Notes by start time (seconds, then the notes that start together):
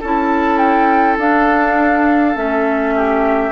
0.00 C#4 E4 A4 A5
0.58 G5
1.18 D4 F5
2.35 A3 C#4 E5
2.96 G4